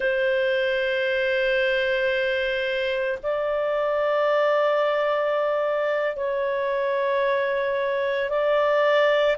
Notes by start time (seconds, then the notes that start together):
0.00 C5
3.22 D5
6.16 C#5
8.29 D5